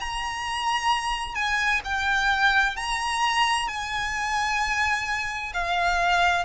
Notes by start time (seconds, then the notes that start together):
0.00 A#5
1.35 G#5
1.85 G5
2.77 A#5
3.68 G#5
5.54 F5